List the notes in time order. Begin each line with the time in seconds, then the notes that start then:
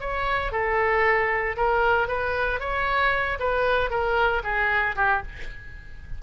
0.00 C#5
0.52 A4
1.57 A#4
2.08 B4
2.60 C#5
3.39 B4
3.90 A#4
4.43 G#4
4.96 G4